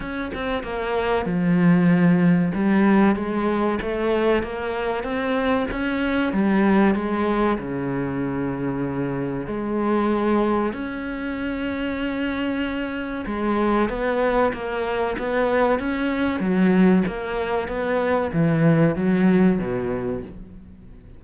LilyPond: \new Staff \with { instrumentName = "cello" } { \time 4/4 \tempo 4 = 95 cis'8 c'8 ais4 f2 | g4 gis4 a4 ais4 | c'4 cis'4 g4 gis4 | cis2. gis4~ |
gis4 cis'2.~ | cis'4 gis4 b4 ais4 | b4 cis'4 fis4 ais4 | b4 e4 fis4 b,4 | }